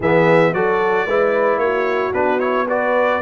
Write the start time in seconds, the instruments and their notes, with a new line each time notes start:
0.00 tuba E3, trombone B3, horn G#4, trumpet E5
0.53 tuba F#3, trombone F#4, horn A4, trumpet D5
1.06 tuba G#3, trombone E4, horn B4
1.57 tuba A#3, horn F#4, trumpet C#5
2.13 tuba B3, trombone D4, trumpet B4
2.39 trombone E4, trumpet C#5
2.67 trombone F#4, horn B4, trumpet D5